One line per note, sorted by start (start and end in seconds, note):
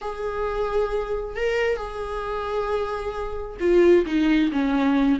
0.01 1.36 G#4
1.36 1.76 A#4
1.76 3.57 G#4
3.60 4.05 F4
4.06 4.51 D#4
4.51 5.19 C#4